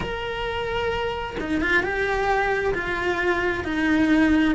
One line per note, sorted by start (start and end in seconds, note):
0.00 1.36 A#4
1.40 1.61 D#4
1.61 1.83 F4
1.83 2.74 G4
2.74 3.64 F4
3.64 4.55 D#4